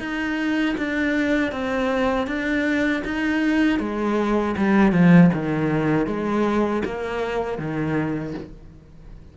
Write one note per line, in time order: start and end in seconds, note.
0.00 0.76 D#4
0.78 1.52 D4
1.52 2.28 C4
2.28 3.03 D4
3.05 3.80 D#4
3.80 4.56 G#3
4.57 4.92 G3
4.92 5.30 F3
5.34 6.07 D#3
6.07 6.83 G#3
6.86 7.58 A#3
7.58 8.34 D#3